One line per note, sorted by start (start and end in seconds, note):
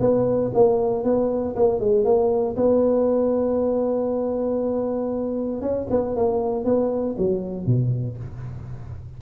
0.00 0.51 B3
0.54 1.04 A#3
1.04 1.55 B3
1.56 1.79 A#3
1.79 2.04 G#3
2.04 2.56 A#3
2.56 5.61 B3
5.61 5.87 C#4
5.90 6.16 B3
6.16 6.64 A#3
6.64 7.16 B3
7.18 7.66 F#3
7.66 8.17 B2